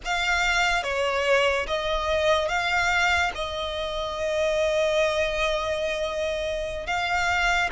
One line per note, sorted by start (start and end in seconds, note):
0.04 0.83 F5
0.83 1.66 C#5
1.67 2.48 D#5
2.48 3.31 F5
3.34 6.86 D#5
6.86 7.69 F5